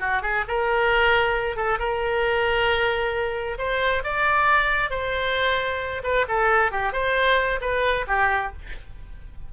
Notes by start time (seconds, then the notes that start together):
0.00 F#4
0.22 G#4
0.48 A#4
1.56 A4
1.79 A#4
3.59 C5
4.04 D5
4.91 C5
6.04 B4
6.28 A4
6.72 G4
6.93 C5
7.61 B4
8.08 G4